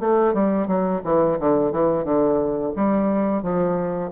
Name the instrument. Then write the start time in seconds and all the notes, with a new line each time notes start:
bassoon
0.00 A3
0.34 G3
0.68 F#3
1.04 E3
1.40 D3
1.72 E3
2.05 D3
2.76 G3
3.43 F3